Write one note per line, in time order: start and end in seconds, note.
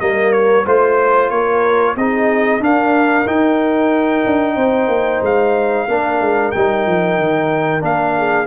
0.00 0.66 G3
0.00 0.66 A#3
0.00 0.65 A#4
0.00 0.33 D#5
0.33 0.65 C#5
0.65 1.31 A3
0.65 1.96 F4
0.65 1.30 C5
1.30 1.96 A#3
1.30 1.96 A#4
1.30 1.96 C#5
1.96 2.60 C4
1.96 2.61 D#4
1.96 2.62 G#4
1.96 2.63 D#5
2.60 3.25 D4
2.60 3.26 D4
2.60 4.56 A#4
2.60 3.28 F5
3.27 4.24 D#4
3.27 5.88 D#4
3.27 5.23 G5
4.26 4.56 D4
4.56 4.88 C4
4.56 5.86 C5
4.88 5.21 A#3
5.21 5.87 G#3
5.21 6.51 F5
5.88 6.21 A#3
5.88 6.54 D4
5.88 8.17 A#4
6.21 6.53 G#3
6.51 6.87 G3
6.51 7.80 D#4
6.51 7.82 G5
6.87 7.19 F3
7.19 7.82 D#3
7.80 8.47 A#3
7.80 8.46 D4
7.80 8.47 F5
8.17 8.47 G#4